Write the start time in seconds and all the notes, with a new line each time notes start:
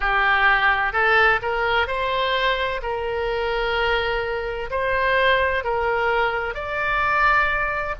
0.00 G4
0.92 A4
1.41 A#4
1.87 C5
2.82 A#4
4.70 C5
5.63 A#4
6.54 D5